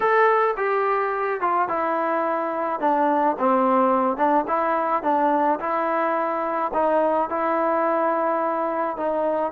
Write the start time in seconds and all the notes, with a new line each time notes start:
0.00 A4
0.56 G4
1.40 F4
1.68 E4
2.80 D4
3.38 C4
4.16 D4
4.47 E4
5.03 D4
5.59 E4
6.73 D#4
7.29 E4
8.96 D#4